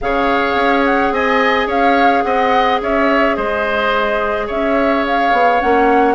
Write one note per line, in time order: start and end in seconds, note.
0.01 0.55 C#3
0.01 5.61 G#4
0.01 1.13 C#5
0.01 0.85 F5
0.55 1.11 C#4
0.85 1.13 F#5
1.11 1.66 C4
1.11 1.67 D#5
1.11 1.69 G#5
1.66 2.22 C#4
1.66 2.23 C#5
1.66 2.23 F5
2.23 2.80 C4
2.23 2.81 D#5
2.23 2.79 F#5
2.81 3.37 C#4
2.81 3.36 C#5
2.81 3.35 E5
3.35 4.49 G#3
3.35 4.46 C5
3.35 4.48 D#5
4.46 5.32 C#4
4.46 6.14 C#5
4.46 5.05 E5
5.06 5.60 F5
5.32 5.60 B3
5.60 6.14 A#3
5.60 6.14 C#4
5.60 6.14 F#5